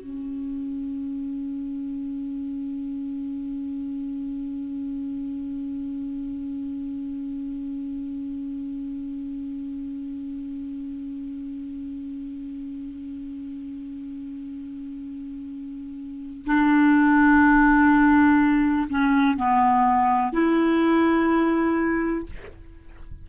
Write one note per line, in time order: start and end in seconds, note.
0.00 16.45 C#4
16.46 18.88 D4
18.90 19.37 C#4
19.37 20.32 B3
20.32 22.26 E4